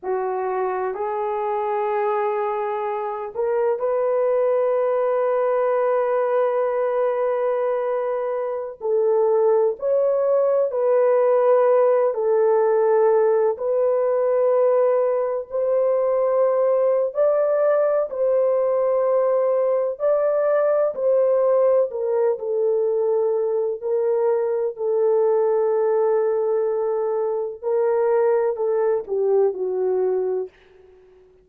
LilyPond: \new Staff \with { instrumentName = "horn" } { \time 4/4 \tempo 4 = 63 fis'4 gis'2~ gis'8 ais'8 | b'1~ | b'4~ b'16 a'4 cis''4 b'8.~ | b'8. a'4. b'4.~ b'16~ |
b'16 c''4.~ c''16 d''4 c''4~ | c''4 d''4 c''4 ais'8 a'8~ | a'4 ais'4 a'2~ | a'4 ais'4 a'8 g'8 fis'4 | }